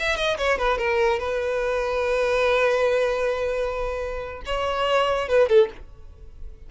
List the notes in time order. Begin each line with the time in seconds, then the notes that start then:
0.00 E5
0.17 D#5
0.38 C#5
0.59 B4
0.79 A#4
1.20 B4
4.46 C#5
5.29 B4
5.49 A4